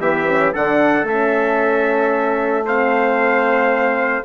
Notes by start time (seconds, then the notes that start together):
0.00 E3 B3 G4 E5
0.26 C#4
0.53 D3 D4 A4 F#5
1.03 A3 C#4 E5
2.65 C4 C5 F5